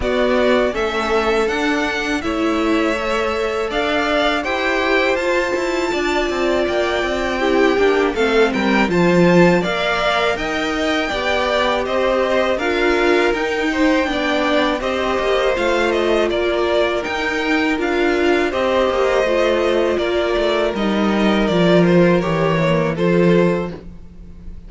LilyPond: <<
  \new Staff \with { instrumentName = "violin" } { \time 4/4 \tempo 4 = 81 d''4 e''4 fis''4 e''4~ | e''4 f''4 g''4 a''4~ | a''4 g''2 f''8 g''8 | a''4 f''4 g''2 |
dis''4 f''4 g''2 | dis''4 f''8 dis''8 d''4 g''4 | f''4 dis''2 d''4 | dis''4 d''8 c''8 cis''4 c''4 | }
  \new Staff \with { instrumentName = "violin" } { \time 4/4 fis'4 a'2 cis''4~ | cis''4 d''4 c''2 | d''2 g'4 a'8 ais'8 | c''4 d''4 dis''4 d''4 |
c''4 ais'4. c''8 d''4 | c''2 ais'2~ | ais'4 c''2 ais'4~ | ais'2. a'4 | }
  \new Staff \with { instrumentName = "viola" } { \time 4/4 b4 cis'4 d'4 e'4 | a'2 g'4 f'4~ | f'2 e'8 d'8 c'4 | f'4 ais'2 g'4~ |
g'4 f'4 dis'4 d'4 | g'4 f'2 dis'4 | f'4 g'4 f'2 | dis'4 f'4 g'8 ais8 f'4 | }
  \new Staff \with { instrumentName = "cello" } { \time 4/4 b4 a4 d'4 a4~ | a4 d'4 e'4 f'8 e'8 | d'8 c'8 ais8 c'4 ais8 a8 g8 | f4 ais4 dis'4 b4 |
c'4 d'4 dis'4 b4 | c'8 ais8 a4 ais4 dis'4 | d'4 c'8 ais8 a4 ais8 a8 | g4 f4 e4 f4 | }
>>